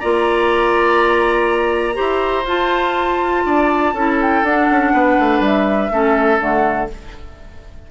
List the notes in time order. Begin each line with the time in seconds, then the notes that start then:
0.00 A#3 F4 D5 A#5
1.94 E4 G4 C5
2.45 F4 A5
3.45 D4 D5
3.93 C#4 E4 A4
4.22 G5
4.43 D4 F#5
4.71 C#4
4.93 B3 B4
5.19 A3
5.40 G3 E5
5.91 A3 C#4 A4
6.39 D3 A3 F#5